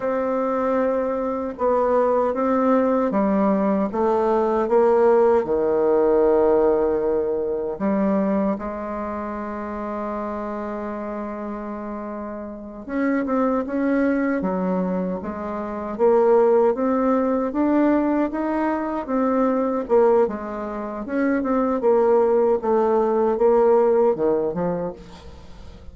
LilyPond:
\new Staff \with { instrumentName = "bassoon" } { \time 4/4 \tempo 4 = 77 c'2 b4 c'4 | g4 a4 ais4 dis4~ | dis2 g4 gis4~ | gis1~ |
gis8 cis'8 c'8 cis'4 fis4 gis8~ | gis8 ais4 c'4 d'4 dis'8~ | dis'8 c'4 ais8 gis4 cis'8 c'8 | ais4 a4 ais4 dis8 f8 | }